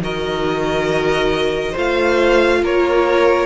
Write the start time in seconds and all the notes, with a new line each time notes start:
0.00 D#3 F#4 A#4 D#5
1.72 A3 F4 C5 F5
2.63 A#3 A#4 C#5